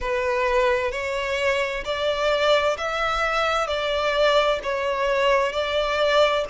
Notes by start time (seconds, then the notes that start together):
0.00 B4
0.91 C#5
1.84 D5
2.77 E5
3.67 D5
4.63 C#5
5.52 D5